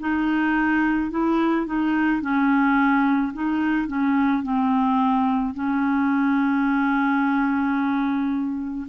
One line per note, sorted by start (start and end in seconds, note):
0.00 1.11 D#4
1.11 1.66 E4
1.66 2.22 D#4
2.22 3.33 C#4
3.33 3.87 D#4
3.87 4.43 C#4
4.43 5.54 C4
5.54 8.87 C#4